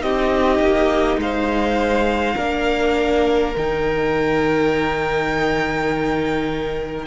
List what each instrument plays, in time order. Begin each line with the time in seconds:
0.00 cello C4, viola D#4, violin G4 D#5
0.59 cello A#3
1.17 cello G#3, violin C5 F5
2.35 cello A#3, viola D4, violin A#4
3.56 cello D#3, viola D#4, violin G5